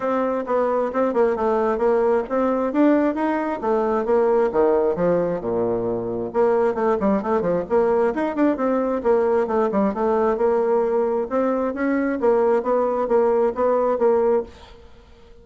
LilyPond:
\new Staff \with { instrumentName = "bassoon" } { \time 4/4 \tempo 4 = 133 c'4 b4 c'8 ais8 a4 | ais4 c'4 d'4 dis'4 | a4 ais4 dis4 f4 | ais,2 ais4 a8 g8 |
a8 f8 ais4 dis'8 d'8 c'4 | ais4 a8 g8 a4 ais4~ | ais4 c'4 cis'4 ais4 | b4 ais4 b4 ais4 | }